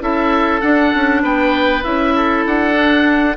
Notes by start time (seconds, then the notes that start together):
0.00 C#4 E4 A4 E5
0.61 D4 F#5
0.94 C#4
1.22 B3 B4 G5
1.83 C#4 E4 E5
2.15 A4
2.45 D4 F#5
2.73 D4